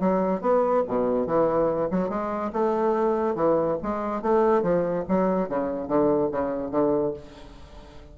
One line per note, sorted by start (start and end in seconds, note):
0.00 0.41 F#3
0.41 0.83 B3
0.87 1.27 B2
1.27 1.90 E3
1.91 2.09 F#3
2.09 2.51 G#3
2.53 3.35 A3
3.35 3.77 E3
3.82 4.22 G#3
4.22 4.62 A3
4.62 5.04 F3
5.08 5.49 F#3
5.49 5.88 C#3
5.88 6.30 D3
6.31 6.71 C#3
6.71 7.13 D3